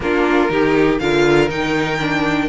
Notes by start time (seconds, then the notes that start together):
0.00 A#3 D4 F4 A#4
0.49 D#3 D#4 G4
0.99 D3 F4 A#4 F5
1.49 D#3 D#4 G5
2.00 D4